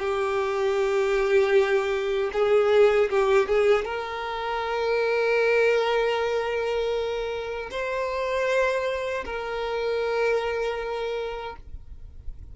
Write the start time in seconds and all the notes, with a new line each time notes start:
0.00 G4
2.33 G#4
3.10 G4
3.49 G#4
3.85 A#4
7.71 C5
9.26 A#4